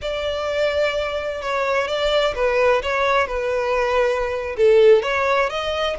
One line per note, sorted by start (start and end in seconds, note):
0.01 1.41 D5
1.41 1.87 C#5
1.87 2.34 D5
2.35 2.82 B4
2.82 3.27 C#5
3.27 4.56 B4
4.57 5.02 A4
5.02 5.49 C#5
5.49 5.96 D#5